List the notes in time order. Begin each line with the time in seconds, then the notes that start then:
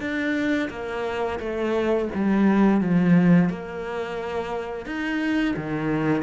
0.00 D4
0.70 A#3
1.39 A3
2.15 G3
2.81 F3
3.50 A#3
4.86 D#4
5.56 D#3